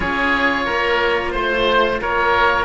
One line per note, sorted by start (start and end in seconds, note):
0.00 0.66 C#4
0.00 2.65 F4
0.00 0.65 G#4
0.00 1.31 C#5
0.65 1.34 A#3
0.65 1.32 A#4
1.31 2.01 A3
1.31 1.97 C5
1.31 2.01 C5
2.01 2.65 A#3
2.01 2.65 A#4
2.01 2.65 C#5